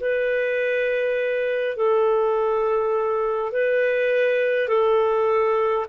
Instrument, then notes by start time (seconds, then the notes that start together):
clarinet
0.00 B4
1.76 A4
3.52 B4
4.68 A4